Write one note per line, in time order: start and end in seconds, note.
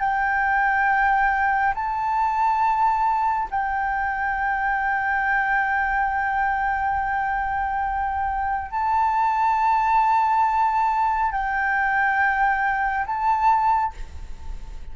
0.00 1.74 G5
1.75 3.49 A5
3.51 8.71 G5
8.71 11.32 A5
11.32 13.06 G5
13.06 13.93 A5